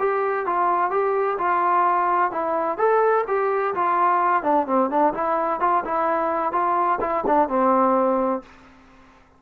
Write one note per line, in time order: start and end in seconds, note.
0.00 0.47 G4
0.47 0.91 F4
0.91 1.38 G4
1.39 2.32 F4
2.32 2.78 E4
2.78 3.25 A4
3.28 3.75 G4
3.75 4.44 F4
4.44 4.67 D4
4.67 4.90 C4
4.90 5.14 D4
5.14 5.61 E4
5.61 5.84 F4
5.85 6.52 E4
6.52 6.99 F4
7.01 7.25 E4
7.27 7.49 D4
7.49 8.43 C4